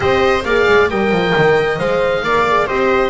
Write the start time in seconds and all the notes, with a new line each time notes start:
0.00 C4 G4 C5 D#5
0.44 A#3 G#4 D5 F5
0.68 G#3
0.90 G3 A#4 D#5 G5
1.11 F3
1.36 D#3
1.78 G#3 C5 F5
2.23 A#3 A#4 D5
2.48 G#4
2.66 C4 G4 C5 D#5